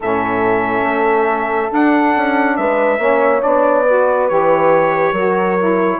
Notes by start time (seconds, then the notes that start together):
0.00 A2 C#4 A4 E5
0.83 A3
1.69 D4 F#5
2.16 C#4
2.56 G#3 B4 E5
2.98 A#3 C#4 C#5
3.40 B3 D4 D5
3.83 F#4 B4
4.28 E3 G4 C#5
5.11 F#3 F#4 A#4
5.58 E4